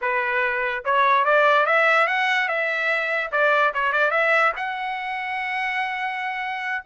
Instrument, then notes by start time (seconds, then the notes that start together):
trumpet
0.01 B4
0.84 C#5
1.24 D5
1.66 E5
2.07 F#5
2.48 E5
3.31 D5
3.74 C#5
3.92 D5
4.11 E5
4.56 F#5